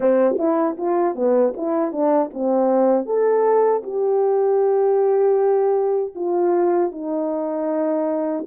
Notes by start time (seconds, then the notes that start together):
0.00 C4
0.38 E4
0.77 F4
1.15 B3
1.57 E4
1.92 D4
2.33 C4
3.05 A4
3.83 G4
6.15 F4
6.91 D#4